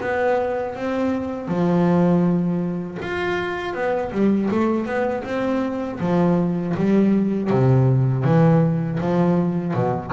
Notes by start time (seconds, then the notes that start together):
0.00 B3
0.75 C4
1.48 F3
3.02 F4
3.73 B3
4.11 G3
4.51 A3
4.86 B3
5.24 C4
6.00 F3
6.76 G3
7.49 C3
8.24 E3
9.00 F3
9.74 B2